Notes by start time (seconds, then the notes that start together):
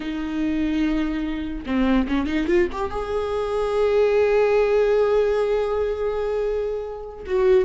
0.00 D#4
1.66 C4
2.07 C#4
2.26 D#4
2.47 F4
2.72 G4
2.90 G#4
7.25 F#4